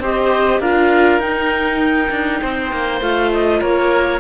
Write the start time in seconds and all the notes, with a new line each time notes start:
0.00 C4 G4 C5 D#5
0.60 D4 F4 A#4 F5
1.19 D#4 G5
2.10 D4
2.43 C4 C5
2.72 A#3
3.01 A3 F4 F5
3.33 D#5
3.61 A#3 A#4 C#5